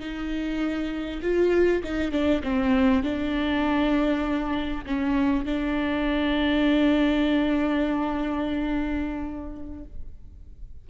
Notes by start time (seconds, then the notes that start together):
0.00 D#4
1.23 F4
1.84 D#4
2.12 D4
2.44 C4
3.04 D4
4.86 C#4
5.45 D4